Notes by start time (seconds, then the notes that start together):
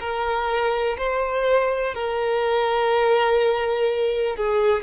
0.00 A#4
0.98 C5
1.94 A#4
4.36 G#4